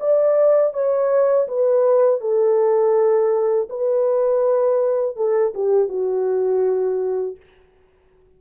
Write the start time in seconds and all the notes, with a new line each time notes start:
0.00 D5
0.73 C#5
1.47 B4
2.21 A4
3.69 B4
5.16 A4
5.54 G4
5.89 F#4